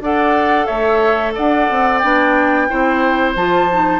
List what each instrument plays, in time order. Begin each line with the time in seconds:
0.00 bassoon D4, clarinet A4, oboe D5, flute F#5
0.66 bassoon A3, oboe C#5, flute E5
1.35 bassoon D4, oboe D5, flute F#5
1.70 bassoon C4
1.98 bassoon B3, clarinet D4, flute G5
2.69 bassoon C4, clarinet E4, oboe C5
3.35 bassoon F3, clarinet F4, flute A5
3.71 clarinet D#4